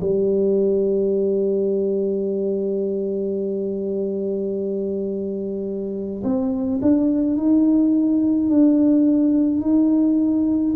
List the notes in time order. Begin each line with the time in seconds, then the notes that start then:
0.00 G3
6.23 C4
6.81 D4
7.36 D#4
8.50 D4
9.61 D#4